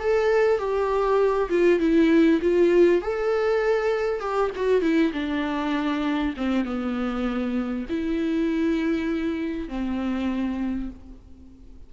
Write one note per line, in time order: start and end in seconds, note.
0.00 0.58 A4
0.58 1.49 G4
1.50 1.80 F4
1.80 2.40 E4
2.42 3.02 F4
3.02 4.20 A4
4.20 4.51 G4
4.56 4.82 F#4
4.82 5.12 E4
5.13 6.34 D4
6.37 6.65 C4
6.65 7.86 B3
7.89 9.69 E4
9.69 10.90 C4